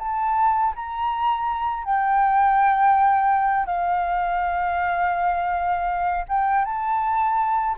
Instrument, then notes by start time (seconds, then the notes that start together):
flute
0.00 A5
0.76 A#5
1.85 G5
3.66 F5
6.29 G5
6.66 A5